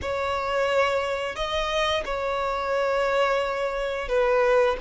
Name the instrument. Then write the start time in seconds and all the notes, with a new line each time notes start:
violin
0.01 C#5
1.35 D#5
2.05 C#5
4.08 B4